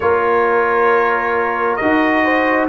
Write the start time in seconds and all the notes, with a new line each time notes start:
0.00 A#3 F4 A#4 C#5
1.76 D#4 F#4 D#5
2.24 C5